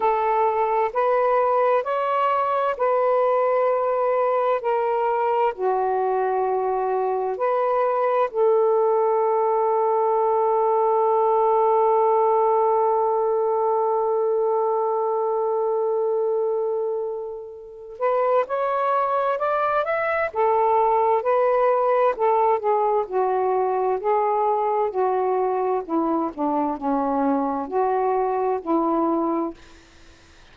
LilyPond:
\new Staff \with { instrumentName = "saxophone" } { \time 4/4 \tempo 4 = 65 a'4 b'4 cis''4 b'4~ | b'4 ais'4 fis'2 | b'4 a'2.~ | a'1~ |
a'2.~ a'8 b'8 | cis''4 d''8 e''8 a'4 b'4 | a'8 gis'8 fis'4 gis'4 fis'4 | e'8 d'8 cis'4 fis'4 e'4 | }